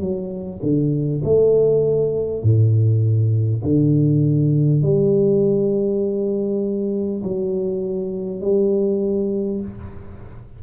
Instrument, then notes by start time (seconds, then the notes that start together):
tuba
0.00 F#3
0.62 D3
1.24 A3
2.42 A2
3.63 D3
4.82 G3
7.23 F#3
8.41 G3